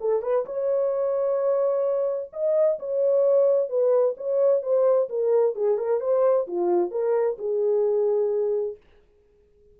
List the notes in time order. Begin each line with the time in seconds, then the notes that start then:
0.00 A4
0.22 B4
0.45 C#5
2.32 D#5
2.79 C#5
3.69 B4
4.17 C#5
4.62 C5
5.09 A#4
5.55 G#4
5.77 A#4
6.00 C5
6.47 F4
6.90 A#4
7.38 G#4